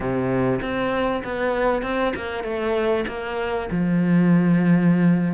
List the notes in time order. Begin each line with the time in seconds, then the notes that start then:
0.00 C3
0.61 C4
1.24 B3
1.82 C4
2.16 A#3
2.43 A3
3.08 A#3
3.70 F3